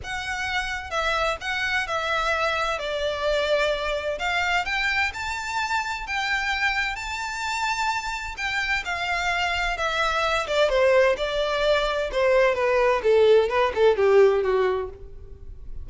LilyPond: \new Staff \with { instrumentName = "violin" } { \time 4/4 \tempo 4 = 129 fis''2 e''4 fis''4 | e''2 d''2~ | d''4 f''4 g''4 a''4~ | a''4 g''2 a''4~ |
a''2 g''4 f''4~ | f''4 e''4. d''8 c''4 | d''2 c''4 b'4 | a'4 b'8 a'8 g'4 fis'4 | }